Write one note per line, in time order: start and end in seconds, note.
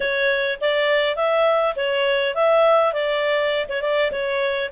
0.00 0.59 C#5
0.60 1.16 D5
1.16 1.74 E5
1.76 2.34 C#5
2.34 2.93 E5
2.93 3.66 D5
3.68 3.81 C#5
3.81 4.11 D5
4.11 4.70 C#5